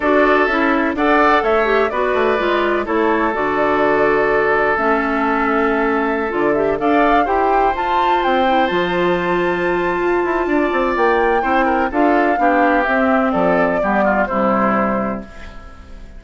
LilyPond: <<
  \new Staff \with { instrumentName = "flute" } { \time 4/4 \tempo 4 = 126 d''4 e''4 fis''4 e''4 | d''2 cis''4 d''4~ | d''2 e''2~ | e''4~ e''16 d''8 e''8 f''4 g''8.~ |
g''16 a''4 g''4 a''4.~ a''16~ | a''2. g''4~ | g''4 f''2 e''4 | d''2 c''2 | }
  \new Staff \with { instrumentName = "oboe" } { \time 4/4 a'2 d''4 cis''4 | b'2 a'2~ | a'1~ | a'2~ a'16 d''4 c''8.~ |
c''1~ | c''2 d''2 | c''8 ais'8 a'4 g'2 | a'4 g'8 f'8 e'2 | }
  \new Staff \with { instrumentName = "clarinet" } { \time 4/4 fis'4 e'4 a'4. g'8 | fis'4 f'4 e'4 fis'4~ | fis'2 cis'2~ | cis'4~ cis'16 f'8 g'8 a'4 g'8.~ |
g'16 f'4. e'8 f'4.~ f'16~ | f'1 | e'4 f'4 d'4 c'4~ | c'4 b4 g2 | }
  \new Staff \with { instrumentName = "bassoon" } { \time 4/4 d'4 cis'4 d'4 a4 | b8 a8 gis4 a4 d4~ | d2 a2~ | a4~ a16 d4 d'4 e'8.~ |
e'16 f'4 c'4 f4.~ f16~ | f4 f'8 e'8 d'8 c'8 ais4 | c'4 d'4 b4 c'4 | f4 g4 c2 | }
>>